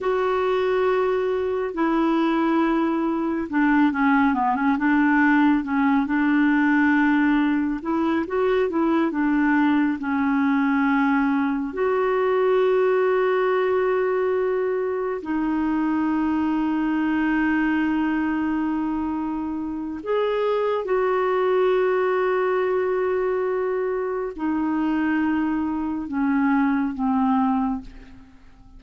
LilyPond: \new Staff \with { instrumentName = "clarinet" } { \time 4/4 \tempo 4 = 69 fis'2 e'2 | d'8 cis'8 b16 cis'16 d'4 cis'8 d'4~ | d'4 e'8 fis'8 e'8 d'4 cis'8~ | cis'4. fis'2~ fis'8~ |
fis'4. dis'2~ dis'8~ | dis'2. gis'4 | fis'1 | dis'2 cis'4 c'4 | }